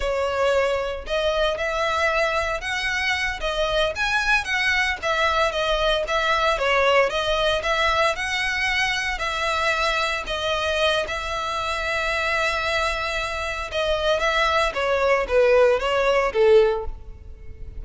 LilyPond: \new Staff \with { instrumentName = "violin" } { \time 4/4 \tempo 4 = 114 cis''2 dis''4 e''4~ | e''4 fis''4. dis''4 gis''8~ | gis''8 fis''4 e''4 dis''4 e''8~ | e''8 cis''4 dis''4 e''4 fis''8~ |
fis''4. e''2 dis''8~ | dis''4 e''2.~ | e''2 dis''4 e''4 | cis''4 b'4 cis''4 a'4 | }